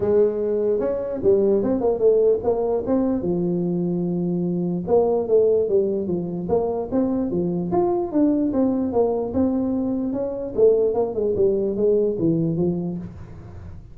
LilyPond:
\new Staff \with { instrumentName = "tuba" } { \time 4/4 \tempo 4 = 148 gis2 cis'4 g4 | c'8 ais8 a4 ais4 c'4 | f1 | ais4 a4 g4 f4 |
ais4 c'4 f4 f'4 | d'4 c'4 ais4 c'4~ | c'4 cis'4 a4 ais8 gis8 | g4 gis4 e4 f4 | }